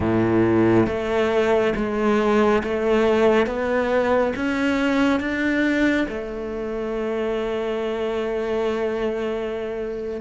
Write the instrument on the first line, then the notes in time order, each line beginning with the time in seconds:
cello
0.00 A2
0.86 A3
1.75 G#3
2.63 A3
3.46 B3
4.36 C#4
5.20 D4
6.08 A3